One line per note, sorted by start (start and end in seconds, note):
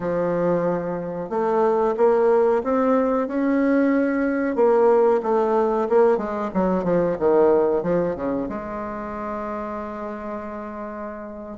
0.00 1.29 F3
1.29 1.94 A3
1.97 2.62 A#3
2.63 3.27 C4
3.27 4.55 C#4
4.55 5.20 A#3
5.22 5.88 A3
5.89 6.17 A#3
6.17 6.50 G#3
6.54 6.84 F#3
6.84 7.16 F3
7.19 7.83 D#3
7.83 8.15 F3
8.15 8.48 C#3
8.48 11.57 G#3